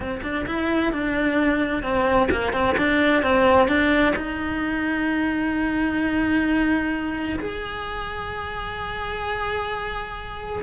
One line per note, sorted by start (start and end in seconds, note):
0.00 0.21 C4
0.22 0.45 D4
0.46 0.92 E4
0.92 1.82 D4
1.82 2.28 C4
2.31 2.53 A#3
2.53 2.76 C4
2.77 3.22 D4
3.22 3.68 C4
3.68 4.14 D4
4.15 7.38 D#4
7.39 10.62 G#4